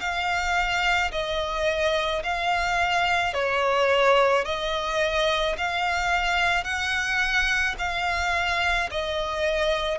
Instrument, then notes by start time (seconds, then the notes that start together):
violin
0.00 F5
1.12 D#5
2.23 F5
3.34 C#5
4.45 D#5
5.58 F5
6.64 F#5
7.78 F5
8.91 D#5